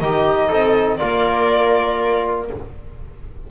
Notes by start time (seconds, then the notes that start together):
0.00 D#3 D#4 G4 D#5
0.48 C4 A4
0.97 A#3 F4 A#4 D5